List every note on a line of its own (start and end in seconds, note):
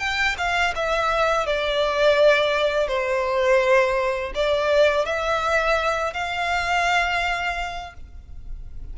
0.00 0.36 G5
0.38 0.74 F5
0.76 1.47 E5
1.47 2.88 D5
2.88 4.33 C5
4.35 5.06 D5
5.06 6.14 E5
6.14 7.95 F5